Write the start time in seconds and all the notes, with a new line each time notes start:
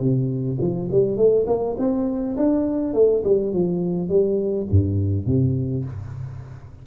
0.00 C3
0.60 F3
0.91 G3
1.17 A3
1.47 A#3
1.78 C4
2.37 D4
2.94 A3
3.24 G3
3.53 F3
4.09 G3
4.71 G2
5.26 C3